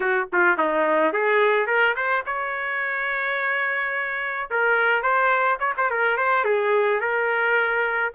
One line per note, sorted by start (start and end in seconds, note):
0.00 0.28 F#4
0.32 0.57 F4
0.57 1.12 D#4
1.12 1.66 G#4
1.66 1.94 A#4
1.95 2.24 C5
2.26 4.50 C#5
4.50 5.02 A#4
5.02 5.58 C5
5.59 5.73 C#5
5.77 5.90 C5
5.90 6.17 A#4
6.17 6.44 C5
6.44 7.00 G#4
7.00 8.12 A#4